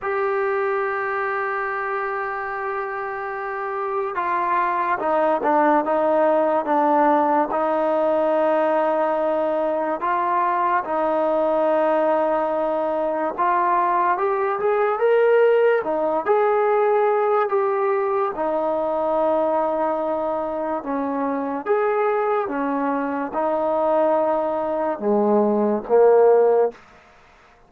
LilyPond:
\new Staff \with { instrumentName = "trombone" } { \time 4/4 \tempo 4 = 72 g'1~ | g'4 f'4 dis'8 d'8 dis'4 | d'4 dis'2. | f'4 dis'2. |
f'4 g'8 gis'8 ais'4 dis'8 gis'8~ | gis'4 g'4 dis'2~ | dis'4 cis'4 gis'4 cis'4 | dis'2 gis4 ais4 | }